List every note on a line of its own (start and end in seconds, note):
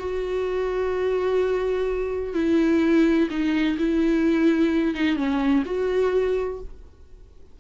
0.00 2.35 F#4
2.35 3.29 E4
3.30 3.78 D#4
3.79 4.95 E4
4.95 5.17 D#4
5.17 5.64 C#4
5.66 6.60 F#4